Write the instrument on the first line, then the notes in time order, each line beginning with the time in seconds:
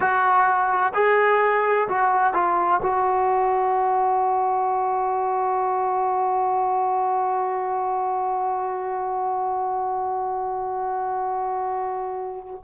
trombone
0.00 F#4
0.94 G#4
1.88 F#4
2.33 F4
2.82 F#4